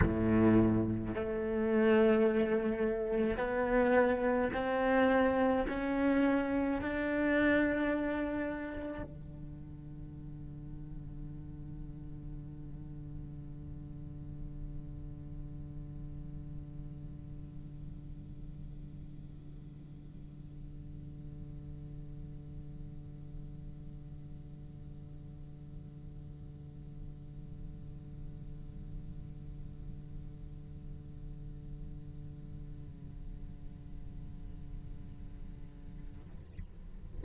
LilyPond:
\new Staff \with { instrumentName = "cello" } { \time 4/4 \tempo 4 = 53 a,4 a2 b4 | c'4 cis'4 d'2 | d1~ | d1~ |
d1~ | d1~ | d1~ | d1 | }